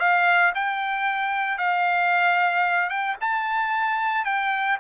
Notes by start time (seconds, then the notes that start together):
0.00 F5
0.55 G5
1.59 F5
2.90 G5
3.21 A5
4.25 G5